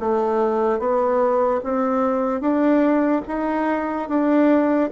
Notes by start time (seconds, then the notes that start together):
0.00 A3
0.79 B3
1.64 C4
2.41 D4
3.28 D#4
4.09 D4